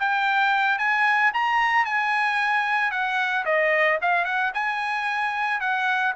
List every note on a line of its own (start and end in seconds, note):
0.00 0.79 G5
0.79 1.32 G#5
1.34 1.86 A#5
1.86 2.92 G#5
2.92 3.45 F#5
3.46 3.99 D#5
4.02 4.25 F5
4.25 4.52 F#5
4.54 5.61 G#5
5.61 6.14 F#5